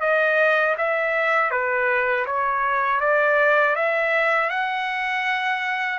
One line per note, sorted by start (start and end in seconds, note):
0.00 0.75 D#5
0.77 1.50 E5
1.50 2.25 B4
2.26 3.00 C#5
3.00 3.75 D5
3.75 4.49 E5
4.49 5.98 F#5